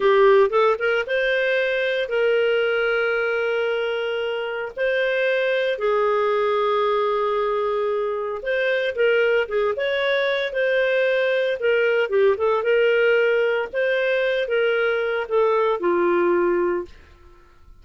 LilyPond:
\new Staff \with { instrumentName = "clarinet" } { \time 4/4 \tempo 4 = 114 g'4 a'8 ais'8 c''2 | ais'1~ | ais'4 c''2 gis'4~ | gis'1 |
c''4 ais'4 gis'8 cis''4. | c''2 ais'4 g'8 a'8 | ais'2 c''4. ais'8~ | ais'4 a'4 f'2 | }